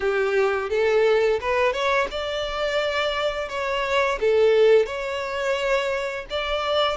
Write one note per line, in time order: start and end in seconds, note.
0.00 0.69 G4
0.69 1.39 A4
1.40 1.72 B4
1.72 2.07 C#5
2.11 3.49 D5
3.49 4.18 C#5
4.20 4.86 A4
4.86 6.25 C#5
6.30 6.97 D5